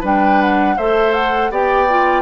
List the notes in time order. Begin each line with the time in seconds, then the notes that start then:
0.00 G3 D4 B4 G5
0.41 F#5
0.76 A3 A4 C5 E5
1.14 F#5
1.50 B3 G4 D5 G5
1.89 F4